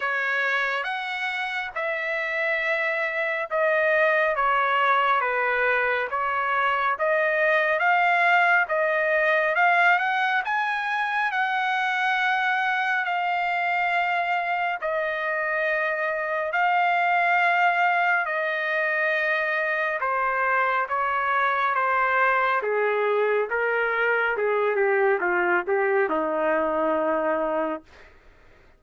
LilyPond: \new Staff \with { instrumentName = "trumpet" } { \time 4/4 \tempo 4 = 69 cis''4 fis''4 e''2 | dis''4 cis''4 b'4 cis''4 | dis''4 f''4 dis''4 f''8 fis''8 | gis''4 fis''2 f''4~ |
f''4 dis''2 f''4~ | f''4 dis''2 c''4 | cis''4 c''4 gis'4 ais'4 | gis'8 g'8 f'8 g'8 dis'2 | }